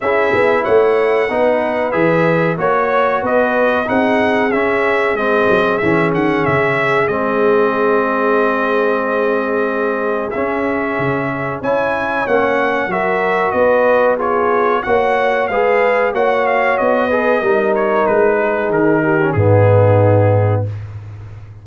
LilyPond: <<
  \new Staff \with { instrumentName = "trumpet" } { \time 4/4 \tempo 4 = 93 e''4 fis''2 e''4 | cis''4 dis''4 fis''4 e''4 | dis''4 e''8 fis''8 e''4 dis''4~ | dis''1 |
e''2 gis''4 fis''4 | e''4 dis''4 cis''4 fis''4 | f''4 fis''8 f''8 dis''4. cis''8 | b'4 ais'4 gis'2 | }
  \new Staff \with { instrumentName = "horn" } { \time 4/4 gis'4 cis''4 b'2 | cis''4 b'4 gis'2~ | gis'1~ | gis'1~ |
gis'2 cis''2 | ais'4 b'4 gis'4 cis''4 | b'4 cis''4. b'8 ais'4~ | ais'8 gis'4 g'8 dis'2 | }
  \new Staff \with { instrumentName = "trombone" } { \time 4/4 e'2 dis'4 gis'4 | fis'2 dis'4 cis'4 | c'4 cis'2 c'4~ | c'1 |
cis'2 e'4 cis'4 | fis'2 f'4 fis'4 | gis'4 fis'4. gis'8 dis'4~ | dis'4.~ dis'16 cis'16 b2 | }
  \new Staff \with { instrumentName = "tuba" } { \time 4/4 cis'8 b8 a4 b4 e4 | ais4 b4 c'4 cis'4 | gis8 fis8 e8 dis8 cis4 gis4~ | gis1 |
cis'4 cis4 cis'4 ais4 | fis4 b2 ais4 | gis4 ais4 b4 g4 | gis4 dis4 gis,2 | }
>>